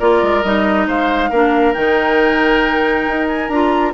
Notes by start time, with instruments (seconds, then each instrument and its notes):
0.00 bassoon A#3, clarinet F4, oboe A#4, flute D5
0.23 bassoon G#3
0.44 bassoon G3, clarinet D#4, flute D#5
0.88 bassoon G#3, oboe C5, flute F5
1.30 bassoon A#3, clarinet D4, oboe A#4
1.74 bassoon D#3, clarinet D#4, flute G5
3.08 bassoon D#4
3.29 flute G#5
3.49 bassoon D4, clarinet F4, flute A#5